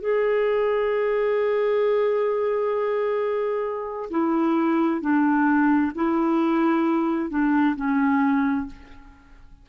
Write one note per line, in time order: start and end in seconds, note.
0.00 4.09 G#4
4.10 5.00 E4
5.00 5.91 D4
5.95 7.29 E4
7.29 7.75 D4
7.75 8.66 C#4